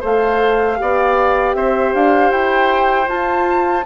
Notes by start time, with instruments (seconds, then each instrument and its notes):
0.00 bassoon A3, horn A4, oboe C5, flute F5
0.76 bassoon B3, horn G4, oboe D5
1.54 bassoon C4, oboe C5, flute E5
1.94 bassoon D4, flute F5
2.30 bassoon E4, flute G5
3.07 horn F4, bassoon F4, flute A5